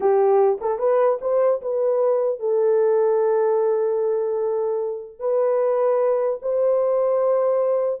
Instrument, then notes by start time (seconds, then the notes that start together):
horn
0.00 G4
0.61 A4
0.78 B4
1.21 C5
1.61 B4
2.39 A4
5.19 B4
6.42 C5